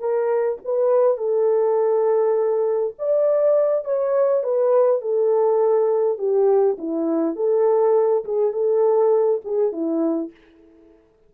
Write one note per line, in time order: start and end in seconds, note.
0.00 0.59 A#4
0.64 1.18 B4
1.18 2.94 A4
2.99 3.85 D5
3.85 4.43 C#5
4.43 5.02 B4
5.02 6.18 A4
6.18 6.77 G4
6.78 7.36 E4
7.36 8.24 A4
8.25 8.53 G#4
8.53 9.41 A4
9.45 9.72 G#4
9.72 10.31 E4